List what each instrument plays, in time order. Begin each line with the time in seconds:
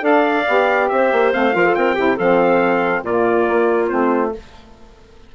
0.00 bassoon D4, saxophone A4, clarinet D5, trumpet F5
0.47 bassoon B3, saxophone G4
0.88 bassoon C4, clarinet C5, trumpet E5
1.12 bassoon A#3
1.33 bassoon A3, saxophone C4, trumpet F5
1.52 bassoon F3, saxophone F4, clarinet A#4
1.66 clarinet A4
1.75 bassoon C4, clarinet A#4, trumpet G5
1.95 bassoon C3, saxophone E4, clarinet G4
2.16 bassoon F3, saxophone C4, clarinet A4, trumpet F5
3.03 bassoon A#2, saxophone A#3, clarinet F4, trumpet D5
3.49 bassoon A#3
3.88 bassoon A3, saxophone C4, trumpet C5